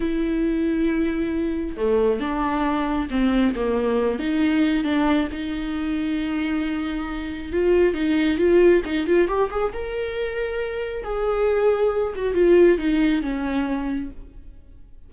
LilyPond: \new Staff \with { instrumentName = "viola" } { \time 4/4 \tempo 4 = 136 e'1 | a4 d'2 c'4 | ais4. dis'4. d'4 | dis'1~ |
dis'4 f'4 dis'4 f'4 | dis'8 f'8 g'8 gis'8 ais'2~ | ais'4 gis'2~ gis'8 fis'8 | f'4 dis'4 cis'2 | }